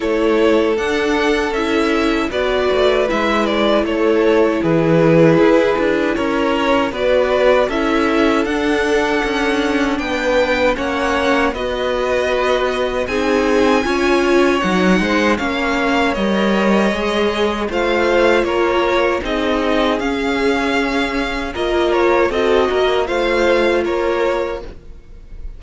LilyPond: <<
  \new Staff \with { instrumentName = "violin" } { \time 4/4 \tempo 4 = 78 cis''4 fis''4 e''4 d''4 | e''8 d''8 cis''4 b'2 | cis''4 d''4 e''4 fis''4~ | fis''4 g''4 fis''4 dis''4~ |
dis''4 gis''2 fis''4 | f''4 dis''2 f''4 | cis''4 dis''4 f''2 | dis''8 cis''8 dis''4 f''4 cis''4 | }
  \new Staff \with { instrumentName = "violin" } { \time 4/4 a'2. b'4~ | b'4 a'4 gis'2 | ais'4 b'4 a'2~ | a'4 b'4 cis''4 b'4~ |
b'4 gis'4 cis''4. c''8 | cis''2. c''4 | ais'4 gis'2. | ais'4 a'8 ais'8 c''4 ais'4 | }
  \new Staff \with { instrumentName = "viola" } { \time 4/4 e'4 d'4 e'4 fis'4 | e'1~ | e'4 fis'4 e'4 d'4~ | d'2 cis'4 fis'4~ |
fis'4 dis'4 f'4 dis'4 | cis'4 ais'4 gis'4 f'4~ | f'4 dis'4 cis'2 | f'4 fis'4 f'2 | }
  \new Staff \with { instrumentName = "cello" } { \time 4/4 a4 d'4 cis'4 b8 a8 | gis4 a4 e4 e'8 d'8 | cis'4 b4 cis'4 d'4 | cis'4 b4 ais4 b4~ |
b4 c'4 cis'4 fis8 gis8 | ais4 g4 gis4 a4 | ais4 c'4 cis'2 | ais4 c'8 ais8 a4 ais4 | }
>>